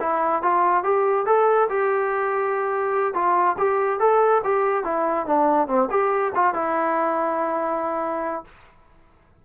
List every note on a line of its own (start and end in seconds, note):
0.00 0.42 E4
0.42 0.83 F4
0.83 1.26 G4
1.26 1.68 A4
1.69 3.14 G4
3.14 3.56 F4
3.58 3.99 G4
3.99 4.42 A4
4.44 4.84 G4
4.84 5.26 E4
5.26 5.68 D4
5.68 5.89 C4
5.90 6.32 G4
6.35 6.54 F4
6.54 8.44 E4